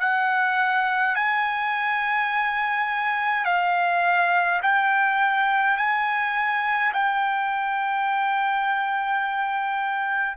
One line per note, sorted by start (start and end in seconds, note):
0.00 1.15 F#5
1.15 3.45 G#5
3.45 4.60 F5
4.62 5.77 G5
5.77 6.92 G#5
6.93 10.37 G5